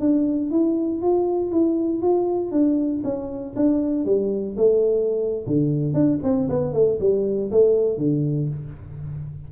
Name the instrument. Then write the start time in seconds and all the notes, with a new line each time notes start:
tuba
0.00 D4
0.51 E4
1.02 F4
1.52 E4
2.02 F4
2.52 D4
3.04 C#4
3.56 D4
4.05 G3
4.57 A3
5.47 D3
5.94 D4
6.23 C4
6.49 B3
6.73 A3
7.00 G3
7.51 A3
7.98 D3